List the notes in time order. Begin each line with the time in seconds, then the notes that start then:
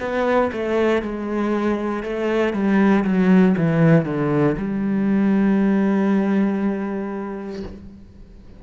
0.00 B3
0.52 A3
1.02 G#3
2.03 A3
2.53 G3
3.05 F#3
3.57 E3
4.05 D3
4.58 G3